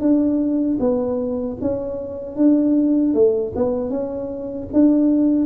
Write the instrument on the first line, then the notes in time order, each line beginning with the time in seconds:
tuba
0.00 D4
0.79 B3
1.61 C#4
2.36 D4
3.13 A3
3.55 B3
3.90 C#4
4.72 D4